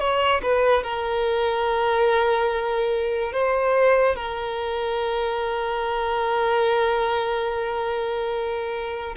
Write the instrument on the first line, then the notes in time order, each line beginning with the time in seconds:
violin
0.00 C#5
0.43 B4
0.83 A#4
3.33 C5
4.16 A#4